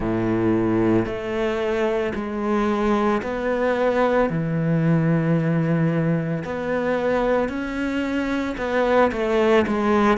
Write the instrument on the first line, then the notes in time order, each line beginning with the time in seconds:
cello
0.00 A2
1.05 A3
2.14 G#3
3.22 B3
4.29 E3
6.44 B3
7.48 C#4
8.57 B3
9.12 A3
9.67 G#3